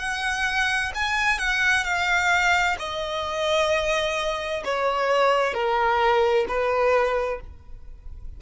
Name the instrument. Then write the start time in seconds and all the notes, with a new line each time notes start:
violin
0.00 F#5
0.95 G#5
1.39 F#5
1.85 F5
2.79 D#5
4.65 C#5
5.54 A#4
6.49 B4